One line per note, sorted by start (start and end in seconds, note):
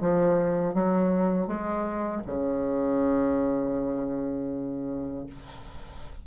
0.00 0.74 F3
0.74 1.47 F#3
1.47 2.22 G#3
2.26 5.26 C#3